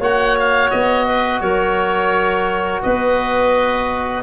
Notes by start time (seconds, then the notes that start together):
0.00 A#3 F#4 C#5 F#5
0.39 F5
0.70 B3 D#5
1.06 B4
1.41 F#3 A#4 C#5
2.82 B3 B4 D#5